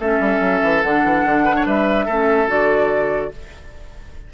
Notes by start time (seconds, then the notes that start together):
0.00 A3 C#4 A4 E5
0.20 G3
0.40 F#3
0.63 E3
0.82 D3 D4 F#5
1.04 E3
1.24 D3
1.45 B4
1.56 C#5
1.65 G3 B4 E5
2.06 A3 C#4 A4
2.47 D3 F#4 D5